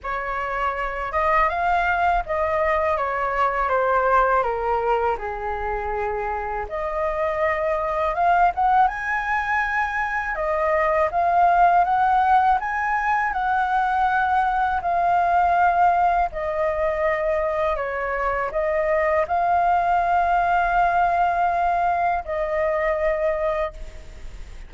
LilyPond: \new Staff \with { instrumentName = "flute" } { \time 4/4 \tempo 4 = 81 cis''4. dis''8 f''4 dis''4 | cis''4 c''4 ais'4 gis'4~ | gis'4 dis''2 f''8 fis''8 | gis''2 dis''4 f''4 |
fis''4 gis''4 fis''2 | f''2 dis''2 | cis''4 dis''4 f''2~ | f''2 dis''2 | }